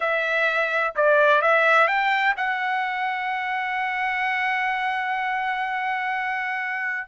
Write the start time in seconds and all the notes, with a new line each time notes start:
0.00 E5
0.95 D5
1.41 E5
1.87 G5
2.36 F#5